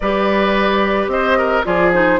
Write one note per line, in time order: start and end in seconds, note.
0.00 1.07 G3
0.00 1.64 G4
0.00 1.11 B4
0.00 1.08 D5
1.07 1.62 C4
1.07 1.37 C5
1.07 1.64 D#5
1.37 1.65 A#4
1.64 2.19 F3
1.64 1.92 F4
1.64 2.19 G#4
1.64 1.92 D5
1.92 2.19 D#4
1.92 2.19 C5